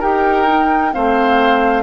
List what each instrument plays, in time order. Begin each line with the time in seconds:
0.00 bassoon D#4, clarinet G4, oboe A#4, flute G5
0.48 clarinet D#4
0.93 bassoon A3, clarinet C4, oboe C5, flute F5